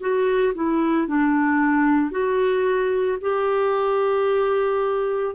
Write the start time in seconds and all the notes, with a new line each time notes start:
0.00 F#4
0.55 E4
1.08 D4
2.11 F#4
3.21 G4